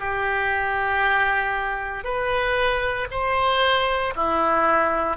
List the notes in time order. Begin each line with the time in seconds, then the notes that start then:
0.00 G4
2.04 B4
3.11 C5
4.16 E4